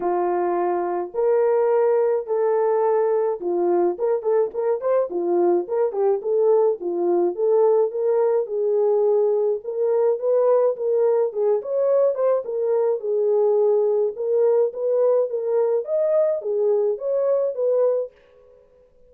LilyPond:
\new Staff \with { instrumentName = "horn" } { \time 4/4 \tempo 4 = 106 f'2 ais'2 | a'2 f'4 ais'8 a'8 | ais'8 c''8 f'4 ais'8 g'8 a'4 | f'4 a'4 ais'4 gis'4~ |
gis'4 ais'4 b'4 ais'4 | gis'8 cis''4 c''8 ais'4 gis'4~ | gis'4 ais'4 b'4 ais'4 | dis''4 gis'4 cis''4 b'4 | }